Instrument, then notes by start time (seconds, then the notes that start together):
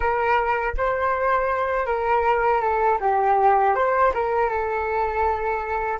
flute
0.00 A#4
0.77 C5
1.85 A#4
2.60 A4
3.00 G4
3.75 C5
4.14 A#4
4.49 A4